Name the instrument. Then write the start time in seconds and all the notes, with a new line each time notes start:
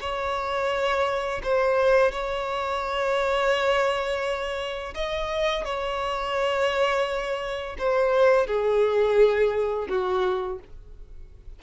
violin
0.00 C#5
1.43 C5
2.11 C#5
4.94 D#5
5.64 C#5
7.78 C5
8.46 G#4
9.88 F#4